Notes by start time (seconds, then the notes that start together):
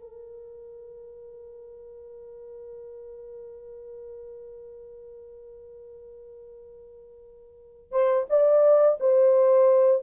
0.00 A#4
7.92 C5
8.29 D5
9.00 C5